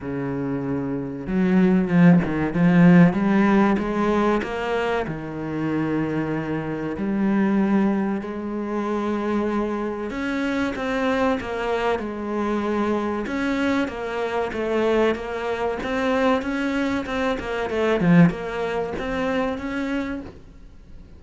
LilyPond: \new Staff \with { instrumentName = "cello" } { \time 4/4 \tempo 4 = 95 cis2 fis4 f8 dis8 | f4 g4 gis4 ais4 | dis2. g4~ | g4 gis2. |
cis'4 c'4 ais4 gis4~ | gis4 cis'4 ais4 a4 | ais4 c'4 cis'4 c'8 ais8 | a8 f8 ais4 c'4 cis'4 | }